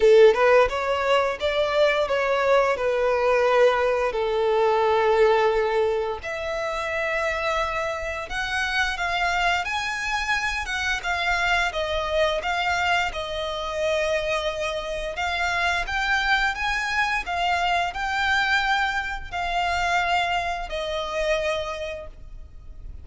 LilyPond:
\new Staff \with { instrumentName = "violin" } { \time 4/4 \tempo 4 = 87 a'8 b'8 cis''4 d''4 cis''4 | b'2 a'2~ | a'4 e''2. | fis''4 f''4 gis''4. fis''8 |
f''4 dis''4 f''4 dis''4~ | dis''2 f''4 g''4 | gis''4 f''4 g''2 | f''2 dis''2 | }